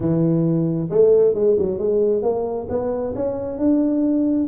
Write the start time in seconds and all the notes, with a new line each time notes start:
0.00 E3
0.90 A3
1.34 G#3
1.58 F#3
1.78 G#3
2.22 A#3
2.69 B3
3.15 C#4
3.58 D4